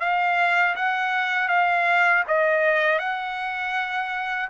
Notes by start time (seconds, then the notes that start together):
0.00 F5
0.76 F#5
1.49 F5
2.27 D#5
2.99 F#5